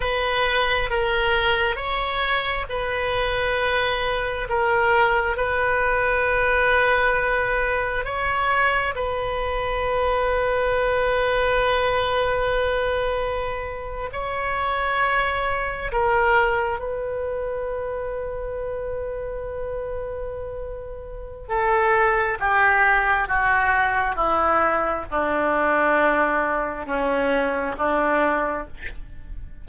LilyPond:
\new Staff \with { instrumentName = "oboe" } { \time 4/4 \tempo 4 = 67 b'4 ais'4 cis''4 b'4~ | b'4 ais'4 b'2~ | b'4 cis''4 b'2~ | b'2.~ b'8. cis''16~ |
cis''4.~ cis''16 ais'4 b'4~ b'16~ | b'1 | a'4 g'4 fis'4 e'4 | d'2 cis'4 d'4 | }